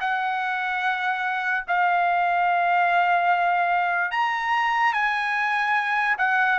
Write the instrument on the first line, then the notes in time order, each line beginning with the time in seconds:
trumpet
0.00 F#5
1.67 F5
4.11 A#5
4.93 G#5
6.18 F#5